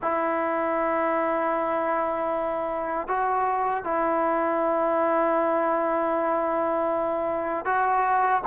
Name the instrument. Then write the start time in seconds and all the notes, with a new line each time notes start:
trombone
0.02 E4
3.07 F#4
3.84 E4
7.65 F#4